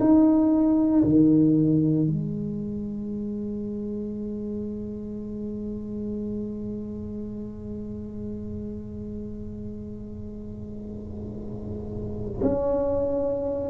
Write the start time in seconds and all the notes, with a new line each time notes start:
0.00 D#4
1.04 D#3
2.07 G#3
12.42 C#4